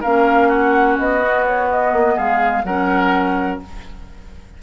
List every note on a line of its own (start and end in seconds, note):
0.00 0.98 A#3
0.00 1.21 C#4
0.00 0.48 A#4
0.00 0.50 F5
0.48 2.14 F#4
0.48 0.97 F#5
0.98 1.92 B3
0.98 1.46 D#5
1.21 2.64 B3
1.46 1.70 C#5
1.70 2.18 D#5
1.92 2.16 A#3
2.15 2.63 G#3
2.15 2.62 G#4
2.15 2.64 F5
2.63 3.58 F#3
2.63 3.62 C#4
2.63 3.61 A#4
2.63 3.59 F#5